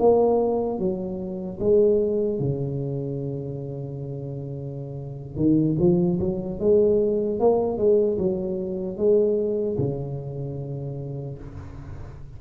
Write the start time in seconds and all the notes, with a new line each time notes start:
0.00 A#3
0.79 F#3
1.60 G#3
2.40 C#3
5.37 D#3
5.80 F3
6.20 F#3
6.60 G#3
7.40 A#3
7.78 G#3
8.19 F#3
8.98 G#3
9.79 C#3